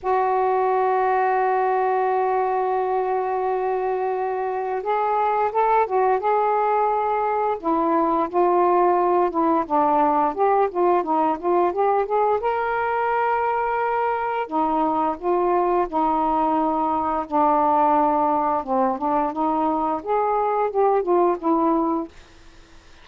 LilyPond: \new Staff \with { instrumentName = "saxophone" } { \time 4/4 \tempo 4 = 87 fis'1~ | fis'2. gis'4 | a'8 fis'8 gis'2 e'4 | f'4. e'8 d'4 g'8 f'8 |
dis'8 f'8 g'8 gis'8 ais'2~ | ais'4 dis'4 f'4 dis'4~ | dis'4 d'2 c'8 d'8 | dis'4 gis'4 g'8 f'8 e'4 | }